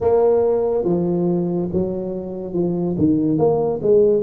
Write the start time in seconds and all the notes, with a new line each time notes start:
0.00 A#3
0.84 F3
1.72 F#3
2.53 F3
2.98 D#3
3.38 A#3
3.82 G#3